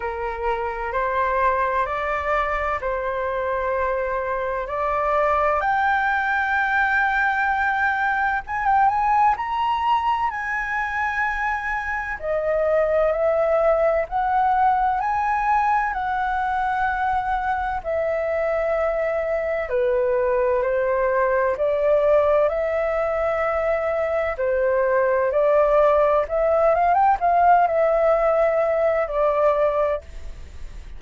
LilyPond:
\new Staff \with { instrumentName = "flute" } { \time 4/4 \tempo 4 = 64 ais'4 c''4 d''4 c''4~ | c''4 d''4 g''2~ | g''4 gis''16 g''16 gis''8 ais''4 gis''4~ | gis''4 dis''4 e''4 fis''4 |
gis''4 fis''2 e''4~ | e''4 b'4 c''4 d''4 | e''2 c''4 d''4 | e''8 f''16 g''16 f''8 e''4. d''4 | }